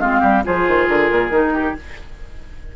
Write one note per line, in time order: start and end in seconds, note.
0.00 0.22 G#3
0.00 0.44 C4
0.00 0.21 F4
0.00 0.44 F5
0.21 0.45 G3
0.21 0.42 G4
0.44 0.68 F3
0.44 1.31 F4
0.44 1.54 G#4
0.44 0.88 C5
0.68 0.89 D#3
0.88 1.10 D3
0.88 1.75 A#4
1.12 1.31 A#2
1.31 1.74 D#3
1.31 1.77 D#4
1.54 1.76 G4